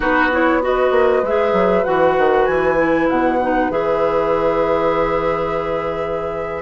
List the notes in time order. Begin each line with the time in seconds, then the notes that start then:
0.00 B3 D#4 F#4 B4
0.31 E4 C#5
0.61 F#4 B4 D#5
0.91 A#3
1.23 G#3 G#4 E5
1.52 F#3
1.84 E3 F#4 F#5
2.17 D#3
2.45 E3 G#5
2.76 E4
3.09 B2 F#5
3.41 D#4
3.69 E3 G#4 E5